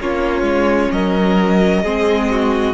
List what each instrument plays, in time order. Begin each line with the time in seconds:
0.00 cello A#3, viola C#4, violin F4 C#5
0.42 cello G#3
0.92 cello F#3, violin A#4 D#5
1.83 cello G#3, viola C4, violin G#4
2.31 violin F#4